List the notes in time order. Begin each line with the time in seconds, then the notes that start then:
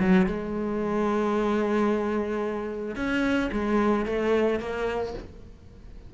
0.00 F#3
0.27 G#3
2.96 C#4
3.52 G#3
4.06 A3
4.60 A#3